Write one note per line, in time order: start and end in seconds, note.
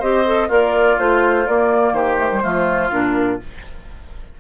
0.00 0.50 C4
0.00 0.26 G4
0.00 0.48 C5
0.00 0.50 D#5
0.26 0.50 A4
0.48 0.98 A#3
0.48 1.93 F4
0.48 0.98 A#4
0.48 0.99 D5
0.99 1.47 A3
0.99 1.46 F4
0.99 1.47 C5
1.46 2.18 A#3
1.46 1.93 A#3
1.46 1.94 D5
1.93 2.41 D#3
1.93 2.44 G4
1.93 2.91 C5
2.18 2.30 A3
2.31 2.42 G3
2.42 2.92 F3
2.42 2.90 A3
2.42 3.40 F4
2.91 3.40 A#2
2.91 3.40 D4
2.91 3.40 A#4